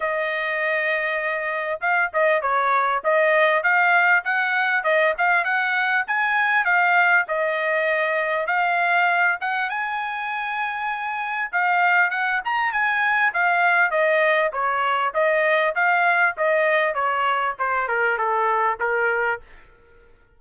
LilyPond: \new Staff \with { instrumentName = "trumpet" } { \time 4/4 \tempo 4 = 99 dis''2. f''8 dis''8 | cis''4 dis''4 f''4 fis''4 | dis''8 f''8 fis''4 gis''4 f''4 | dis''2 f''4. fis''8 |
gis''2. f''4 | fis''8 ais''8 gis''4 f''4 dis''4 | cis''4 dis''4 f''4 dis''4 | cis''4 c''8 ais'8 a'4 ais'4 | }